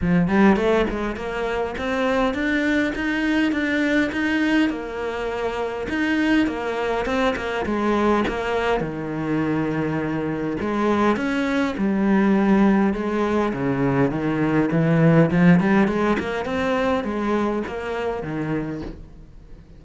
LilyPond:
\new Staff \with { instrumentName = "cello" } { \time 4/4 \tempo 4 = 102 f8 g8 a8 gis8 ais4 c'4 | d'4 dis'4 d'4 dis'4 | ais2 dis'4 ais4 | c'8 ais8 gis4 ais4 dis4~ |
dis2 gis4 cis'4 | g2 gis4 cis4 | dis4 e4 f8 g8 gis8 ais8 | c'4 gis4 ais4 dis4 | }